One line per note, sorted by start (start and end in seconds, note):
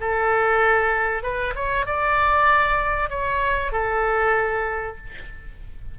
0.00 1.22 A4
1.22 1.53 B4
1.55 1.86 C#5
1.86 3.09 D5
3.09 3.72 C#5
3.72 4.97 A4